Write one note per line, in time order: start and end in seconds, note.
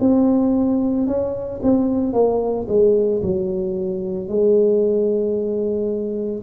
0.00 1.07 C4
1.08 1.61 C#4
1.63 2.13 C4
2.13 2.67 A#3
2.69 3.22 G#3
3.23 4.29 F#3
4.29 6.43 G#3